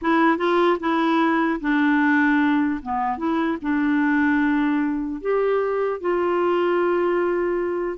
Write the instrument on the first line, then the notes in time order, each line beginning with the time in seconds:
clarinet
0.01 E4
0.37 F4
0.79 E4
1.60 D4
2.82 B3
3.17 E4
3.61 D4
5.21 G4
6.00 F4